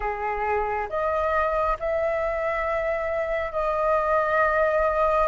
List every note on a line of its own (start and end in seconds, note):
0.00 0.88 G#4
0.89 1.77 D#5
1.79 3.51 E5
3.51 5.27 D#5